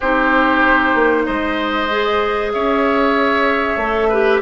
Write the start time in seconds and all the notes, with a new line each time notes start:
0.00 C4 D#4 G4 C5
0.94 A#3
1.25 G#3 C5 D#5
1.90 G#4
2.52 C#4 C#5 E5
3.76 A3 A4
4.08 G4 B4